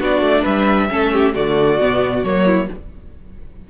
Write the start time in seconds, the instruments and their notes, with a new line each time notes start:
0.00 cello B3, viola D4, violin F#4 D5
0.21 cello A3
0.41 cello G3, violin B4 E5
0.89 cello A3, viola C#4, violin A4
1.13 violin G4
1.34 cello D3, viola A3, violin F#4 D5
1.80 cello B2, viola B3
2.24 cello F#3, viola A#3, violin C#5
2.45 violin E4